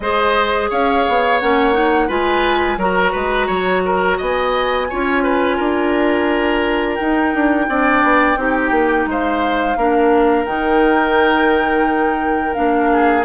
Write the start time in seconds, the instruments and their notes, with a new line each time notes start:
0.00 bassoon G#3, clarinet G#4, oboe C5, flute D#5
0.70 bassoon C#4, oboe C#5, flute F5
1.08 bassoon B3
1.39 bassoon A#3, clarinet C#4, flute F#5
1.73 clarinet D#4
2.07 bassoon G#3, clarinet F4, oboe B4, flute G#5
2.77 bassoon F#3, clarinet F#4, oboe A#4, flute A#5
3.11 bassoon G#3, oboe B4
3.46 bassoon F#3, oboe C#5
3.85 oboe A#4
4.17 bassoon B3, oboe D#5, flute G#5
4.89 bassoon C#4, clarinet F4, oboe C#5
5.23 oboe B4
5.56 bassoon D4, oboe A#4
6.94 clarinet D#4, bassoon D#4, flute G5
7.34 bassoon D4
7.68 bassoon C4, clarinet D4, oboe D5
8.03 bassoon B3
8.36 bassoon C4, clarinet D#4, oboe G4
8.70 bassoon A#3
9.06 bassoon G#3, oboe C5, flute F5
9.76 bassoon A#3, clarinet D4, oboe A#4
10.45 bassoon D#3, clarinet D#4, flute G5
12.54 bassoon A#3, clarinet D4, flute F5
12.92 oboe G#4